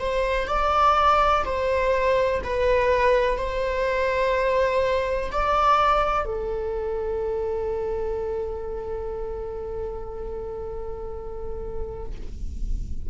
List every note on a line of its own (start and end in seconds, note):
0.00 0.48 C5
0.48 1.45 D5
1.45 2.42 C5
2.44 3.38 B4
3.38 5.31 C5
5.32 6.26 D5
6.26 12.07 A4